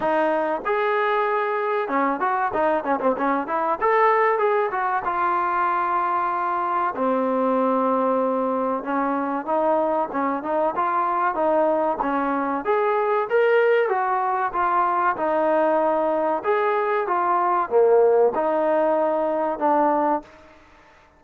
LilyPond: \new Staff \with { instrumentName = "trombone" } { \time 4/4 \tempo 4 = 95 dis'4 gis'2 cis'8 fis'8 | dis'8 cis'16 c'16 cis'8 e'8 a'4 gis'8 fis'8 | f'2. c'4~ | c'2 cis'4 dis'4 |
cis'8 dis'8 f'4 dis'4 cis'4 | gis'4 ais'4 fis'4 f'4 | dis'2 gis'4 f'4 | ais4 dis'2 d'4 | }